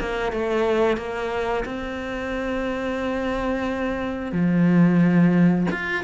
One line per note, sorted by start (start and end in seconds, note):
0.00 0.32 A#3
0.32 0.97 A3
0.97 1.65 A#3
1.65 4.32 C4
4.32 5.67 F3
5.71 6.04 F4